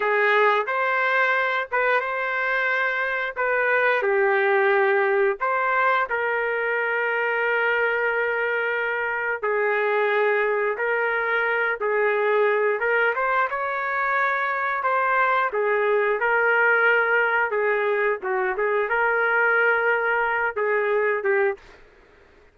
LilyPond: \new Staff \with { instrumentName = "trumpet" } { \time 4/4 \tempo 4 = 89 gis'4 c''4. b'8 c''4~ | c''4 b'4 g'2 | c''4 ais'2.~ | ais'2 gis'2 |
ais'4. gis'4. ais'8 c''8 | cis''2 c''4 gis'4 | ais'2 gis'4 fis'8 gis'8 | ais'2~ ais'8 gis'4 g'8 | }